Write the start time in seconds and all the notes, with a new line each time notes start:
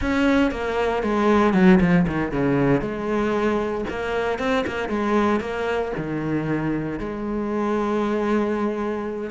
0.01 C#4
0.51 A#3
1.02 G#3
1.53 F#3
1.80 F3
2.07 D#3
2.31 C#3
2.81 G#3
3.89 A#3
4.38 C4
4.66 A#3
4.88 G#3
5.40 A#3
5.97 D#3
6.99 G#3